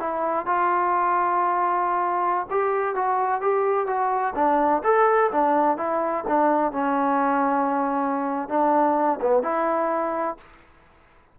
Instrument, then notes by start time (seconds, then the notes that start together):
trombone
0.00 E4
0.46 F4
2.51 G4
2.95 F#4
3.42 G4
3.87 F#4
4.36 D4
4.84 A4
5.32 D4
5.78 E4
6.28 D4
6.72 C#4
8.49 D4
9.22 B3
9.43 E4